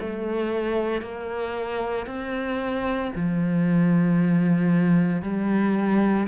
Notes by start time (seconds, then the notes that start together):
0.00 A3
1.01 A#3
2.07 C4
3.15 F3
5.22 G3